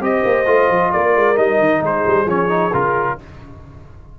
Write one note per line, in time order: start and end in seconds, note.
0.00 0.23 C4
0.00 0.46 G4
0.00 0.93 C5
0.00 0.92 D#5
0.24 0.46 A#3
0.46 0.69 A3
0.46 1.36 F4
0.69 0.92 F3
0.92 1.16 A#3
0.92 1.80 A#4
0.92 1.37 D5
1.16 1.37 G#3
1.36 1.59 G3
1.36 2.26 D#4
1.36 1.82 D#5
1.59 1.81 D#3
1.80 2.04 G#3
1.80 3.16 G#4
1.80 2.28 C5
2.06 2.26 G3
2.26 2.71 F3
2.26 2.49 C#4
2.26 2.73 C#5
2.49 2.71 D#4
2.72 3.18 C#3
2.72 3.18 F4
2.72 3.19 A#4